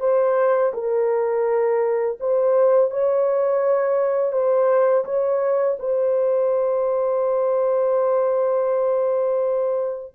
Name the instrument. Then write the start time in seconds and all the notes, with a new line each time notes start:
horn
0.00 C5
0.73 A#4
2.20 C5
2.91 C#5
4.32 C5
5.05 C#5
5.79 C5